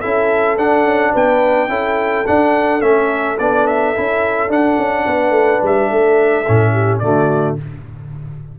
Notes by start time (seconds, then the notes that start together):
0.00 C#4 E4 A4 E5
0.57 D4 F#5
0.84 C#4
1.12 B3 B4 G5
1.68 C#4 E4 A4
2.26 D4 F#5
2.81 A3 C#4 E5
3.38 B3 D4 D5
3.66 E5
3.95 C#4 E4
4.48 D4 F#5
4.77 C#4
5.06 B3 B4
5.30 A3
5.62 G3 E5
5.91 A3 A4
6.47 A2 C#4
6.72 G4
6.99 D3 A3 F#4 D5